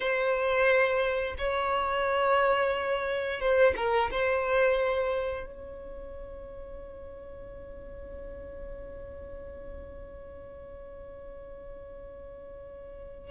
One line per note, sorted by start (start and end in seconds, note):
0.00 1.34 C5
1.38 3.40 C#5
3.40 3.74 C5
3.76 4.10 A#4
4.11 5.46 C5
5.46 13.30 C#5